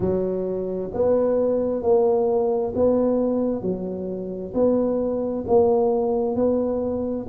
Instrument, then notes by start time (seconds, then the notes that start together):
tuba
0.00 F#3
0.93 B3
1.82 A#3
2.75 B3
3.62 F#3
4.54 B3
5.47 A#3
6.35 B3